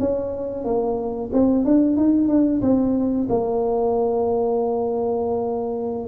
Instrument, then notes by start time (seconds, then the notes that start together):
tuba
0.00 C#4
0.65 A#3
1.33 C4
1.65 D4
1.97 D#4
2.28 D4
2.62 C4
3.30 A#3